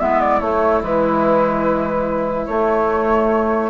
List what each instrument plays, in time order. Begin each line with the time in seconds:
0.00 bassoon G#3, clarinet B3, oboe E4, flute E5
0.21 flute D5
0.41 bassoon A3, clarinet A3, flute C#5
0.81 bassoon E3, clarinet G#3, flute B4
2.46 bassoon A3, clarinet A3, flute C#5